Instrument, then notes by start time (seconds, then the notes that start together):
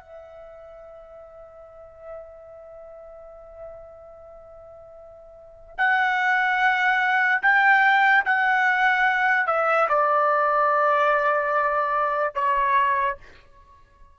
trumpet
0.00 E5
5.78 F#5
7.42 G5
8.25 F#5
9.47 E5
9.89 D5
12.35 C#5